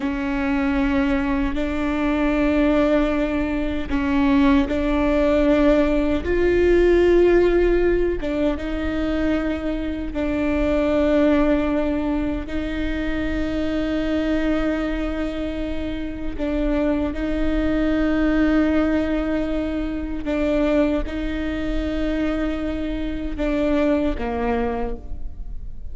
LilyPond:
\new Staff \with { instrumentName = "viola" } { \time 4/4 \tempo 4 = 77 cis'2 d'2~ | d'4 cis'4 d'2 | f'2~ f'8 d'8 dis'4~ | dis'4 d'2. |
dis'1~ | dis'4 d'4 dis'2~ | dis'2 d'4 dis'4~ | dis'2 d'4 ais4 | }